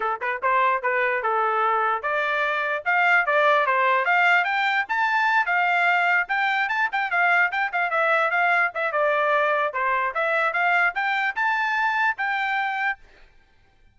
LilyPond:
\new Staff \with { instrumentName = "trumpet" } { \time 4/4 \tempo 4 = 148 a'8 b'8 c''4 b'4 a'4~ | a'4 d''2 f''4 | d''4 c''4 f''4 g''4 | a''4. f''2 g''8~ |
g''8 a''8 g''8 f''4 g''8 f''8 e''8~ | e''8 f''4 e''8 d''2 | c''4 e''4 f''4 g''4 | a''2 g''2 | }